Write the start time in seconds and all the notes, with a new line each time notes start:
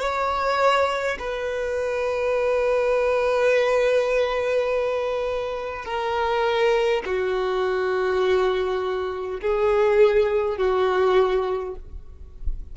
0.00 C#5
1.19 B4
5.86 A#4
7.06 F#4
9.41 G#4
10.58 F#4